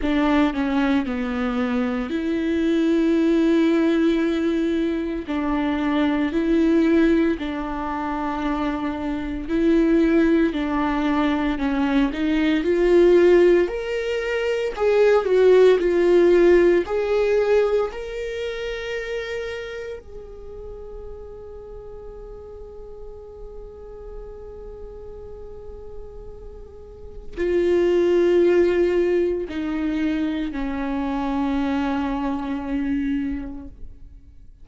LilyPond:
\new Staff \with { instrumentName = "viola" } { \time 4/4 \tempo 4 = 57 d'8 cis'8 b4 e'2~ | e'4 d'4 e'4 d'4~ | d'4 e'4 d'4 cis'8 dis'8 | f'4 ais'4 gis'8 fis'8 f'4 |
gis'4 ais'2 gis'4~ | gis'1~ | gis'2 f'2 | dis'4 cis'2. | }